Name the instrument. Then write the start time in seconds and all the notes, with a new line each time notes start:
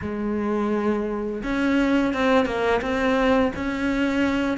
cello
0.01 G#3
1.43 C#4
2.13 C4
2.45 A#3
2.81 C4
3.56 C#4